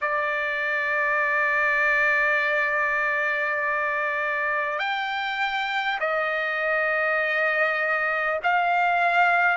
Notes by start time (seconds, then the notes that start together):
0.01 D5
4.78 G5
6.00 D#5
8.43 F5